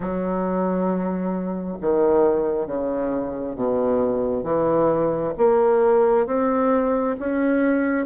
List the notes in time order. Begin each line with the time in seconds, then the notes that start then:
0.00 F#3
1.81 D#3
2.66 C#3
3.55 B2
4.43 E3
5.37 A#3
6.26 C4
7.19 C#4